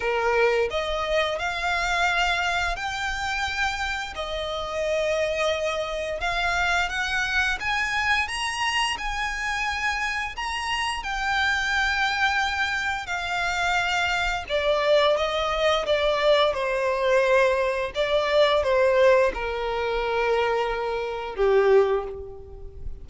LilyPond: \new Staff \with { instrumentName = "violin" } { \time 4/4 \tempo 4 = 87 ais'4 dis''4 f''2 | g''2 dis''2~ | dis''4 f''4 fis''4 gis''4 | ais''4 gis''2 ais''4 |
g''2. f''4~ | f''4 d''4 dis''4 d''4 | c''2 d''4 c''4 | ais'2. g'4 | }